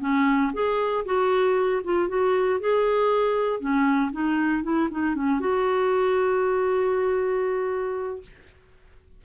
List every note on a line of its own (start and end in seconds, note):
0.00 0.51 C#4
0.53 1.04 G#4
1.05 1.82 F#4
1.84 2.08 F4
2.08 2.60 F#4
2.60 3.60 G#4
3.60 4.11 C#4
4.12 4.63 D#4
4.63 4.89 E4
4.91 5.15 D#4
5.15 5.40 C#4
5.40 8.22 F#4